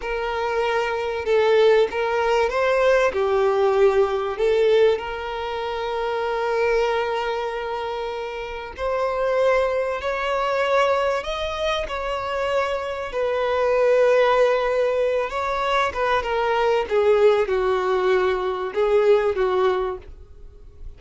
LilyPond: \new Staff \with { instrumentName = "violin" } { \time 4/4 \tempo 4 = 96 ais'2 a'4 ais'4 | c''4 g'2 a'4 | ais'1~ | ais'2 c''2 |
cis''2 dis''4 cis''4~ | cis''4 b'2.~ | b'8 cis''4 b'8 ais'4 gis'4 | fis'2 gis'4 fis'4 | }